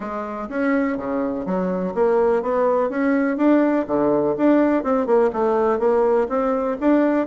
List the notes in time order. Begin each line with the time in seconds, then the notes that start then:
0.00 G#3
0.49 C#4
0.97 C#3
1.45 F#3
1.94 A#3
2.42 B3
2.89 C#4
3.37 D4
3.87 D3
4.37 D4
4.83 C4
5.06 A#3
5.32 A3
5.79 A#3
6.28 C4
6.80 D4